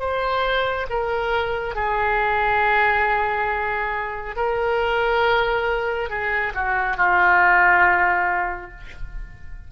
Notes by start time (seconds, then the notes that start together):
0.00 C5
0.90 A#4
1.76 G#4
4.37 A#4
6.10 G#4
6.55 F#4
6.97 F4